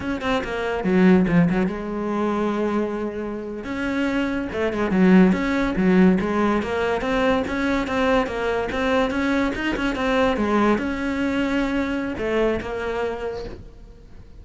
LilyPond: \new Staff \with { instrumentName = "cello" } { \time 4/4 \tempo 4 = 143 cis'8 c'8 ais4 fis4 f8 fis8 | gis1~ | gis8. cis'2 a8 gis8 fis16~ | fis8. cis'4 fis4 gis4 ais16~ |
ais8. c'4 cis'4 c'4 ais16~ | ais8. c'4 cis'4 dis'8 cis'8 c'16~ | c'8. gis4 cis'2~ cis'16~ | cis'4 a4 ais2 | }